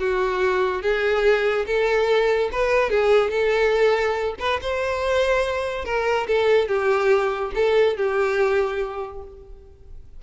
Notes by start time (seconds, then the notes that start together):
0.00 F#4
0.82 G#4
1.67 A4
2.53 B4
2.90 G#4
3.31 A4
4.40 B4
4.62 C5
5.86 A#4
6.28 A4
6.68 G4
7.55 A4
7.97 G4